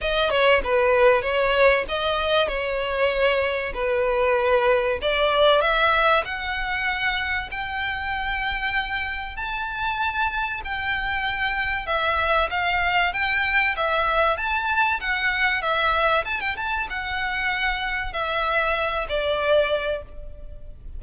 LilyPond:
\new Staff \with { instrumentName = "violin" } { \time 4/4 \tempo 4 = 96 dis''8 cis''8 b'4 cis''4 dis''4 | cis''2 b'2 | d''4 e''4 fis''2 | g''2. a''4~ |
a''4 g''2 e''4 | f''4 g''4 e''4 a''4 | fis''4 e''4 a''16 g''16 a''8 fis''4~ | fis''4 e''4. d''4. | }